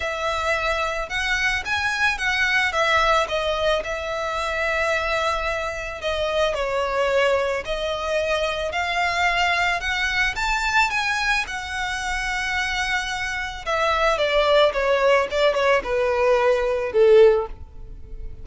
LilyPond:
\new Staff \with { instrumentName = "violin" } { \time 4/4 \tempo 4 = 110 e''2 fis''4 gis''4 | fis''4 e''4 dis''4 e''4~ | e''2. dis''4 | cis''2 dis''2 |
f''2 fis''4 a''4 | gis''4 fis''2.~ | fis''4 e''4 d''4 cis''4 | d''8 cis''8 b'2 a'4 | }